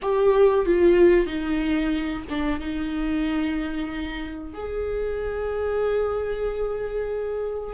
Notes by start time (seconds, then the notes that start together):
0.01 G4
0.65 F4
1.26 D#4
2.29 D4
2.60 D#4
4.53 G#4